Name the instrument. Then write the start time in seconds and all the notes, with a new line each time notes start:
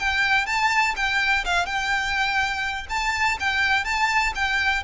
violin
0.00 G5
0.47 A5
0.97 G5
1.45 F5
1.66 G5
2.90 A5
3.40 G5
3.85 A5
4.35 G5